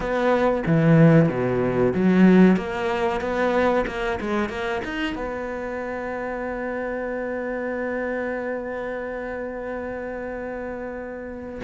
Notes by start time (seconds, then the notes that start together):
0.00 B3
0.66 E3
1.28 B2
1.94 F#3
2.56 A#3
3.21 B3
3.87 A#3
4.20 G#3
4.49 A#3
4.84 D#4
5.15 B3